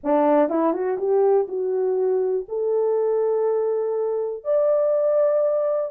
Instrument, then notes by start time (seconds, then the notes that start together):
horn
0.03 D4
0.49 E4
0.73 F#4
0.98 G4
1.48 F#4
2.48 A4
4.44 D5